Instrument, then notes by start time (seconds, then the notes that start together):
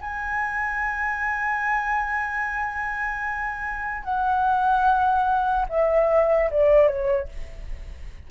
flute
0.00 G#5
4.03 F#5
5.69 E5
6.50 D5
6.87 C#5